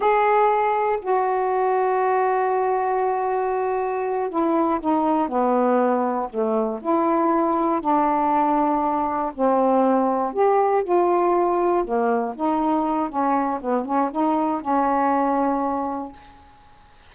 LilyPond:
\new Staff \with { instrumentName = "saxophone" } { \time 4/4 \tempo 4 = 119 gis'2 fis'2~ | fis'1~ | fis'8 e'4 dis'4 b4.~ | b8 a4 e'2 d'8~ |
d'2~ d'8 c'4.~ | c'8 g'4 f'2 ais8~ | ais8 dis'4. cis'4 b8 cis'8 | dis'4 cis'2. | }